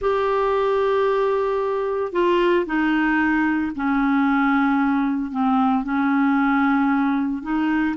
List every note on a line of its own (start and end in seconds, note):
0.01 2.12 G4
2.12 2.65 F4
2.65 3.72 D#4
3.75 5.31 C#4
5.31 5.83 C4
5.83 7.42 C#4
7.42 7.95 D#4